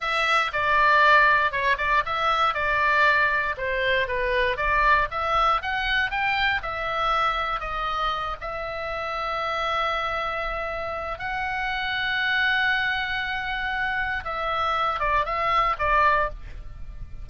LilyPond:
\new Staff \with { instrumentName = "oboe" } { \time 4/4 \tempo 4 = 118 e''4 d''2 cis''8 d''8 | e''4 d''2 c''4 | b'4 d''4 e''4 fis''4 | g''4 e''2 dis''4~ |
dis''8 e''2.~ e''8~ | e''2 fis''2~ | fis''1 | e''4. d''8 e''4 d''4 | }